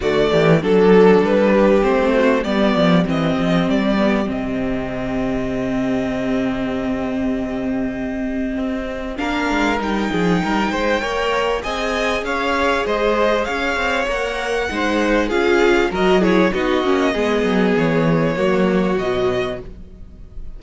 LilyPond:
<<
  \new Staff \with { instrumentName = "violin" } { \time 4/4 \tempo 4 = 98 d''4 a'4 b'4 c''4 | d''4 dis''4 d''4 dis''4~ | dis''1~ | dis''2. f''4 |
g''2. gis''4 | f''4 dis''4 f''4 fis''4~ | fis''4 f''4 dis''8 cis''8 dis''4~ | dis''4 cis''2 dis''4 | }
  \new Staff \with { instrumentName = "violin" } { \time 4/4 fis'8 g'8 a'4. g'4 fis'8 | g'1~ | g'1~ | g'2. ais'4~ |
ais'8 gis'8 ais'8 c''8 cis''4 dis''4 | cis''4 c''4 cis''2 | c''4 gis'4 ais'8 gis'8 fis'4 | gis'2 fis'2 | }
  \new Staff \with { instrumentName = "viola" } { \time 4/4 a4 d'2 c'4 | b4 c'4. b8 c'4~ | c'1~ | c'2. d'4 |
dis'2 ais'4 gis'4~ | gis'2. ais'4 | dis'4 f'4 fis'8 e'8 dis'8 cis'8 | b2 ais4 fis4 | }
  \new Staff \with { instrumentName = "cello" } { \time 4/4 d8 e8 fis4 g4 a4 | g8 f8 e8 f8 g4 c4~ | c1~ | c2 c'4 ais8 gis8 |
g8 f8 g8 gis8 ais4 c'4 | cis'4 gis4 cis'8 c'8 ais4 | gis4 cis'4 fis4 b8 ais8 | gis8 fis8 e4 fis4 b,4 | }
>>